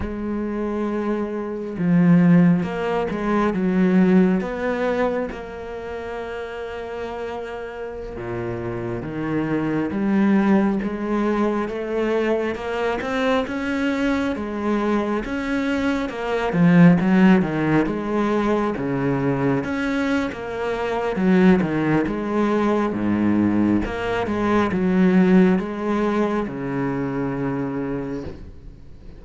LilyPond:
\new Staff \with { instrumentName = "cello" } { \time 4/4 \tempo 4 = 68 gis2 f4 ais8 gis8 | fis4 b4 ais2~ | ais4~ ais16 ais,4 dis4 g8.~ | g16 gis4 a4 ais8 c'8 cis'8.~ |
cis'16 gis4 cis'4 ais8 f8 fis8 dis16~ | dis16 gis4 cis4 cis'8. ais4 | fis8 dis8 gis4 gis,4 ais8 gis8 | fis4 gis4 cis2 | }